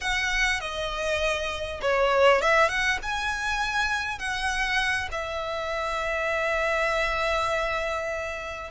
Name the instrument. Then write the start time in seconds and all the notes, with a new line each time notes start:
violin
0.01 F#5
0.60 D#5
1.81 C#5
2.41 E5
2.68 F#5
3.02 G#5
4.18 F#5
5.11 E5